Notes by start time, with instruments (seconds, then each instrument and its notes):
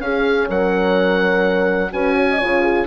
0.00 bassoon C#4, horn C#4 G#4, oboe F5
0.49 bassoon F#3, horn A#4, oboe F#5
1.91 bassoon C#4, horn F#4 B4, oboe G#5
2.15 horn C#5
2.31 horn D#5
2.38 bassoon C#3, horn F4 C#5
2.62 horn G#4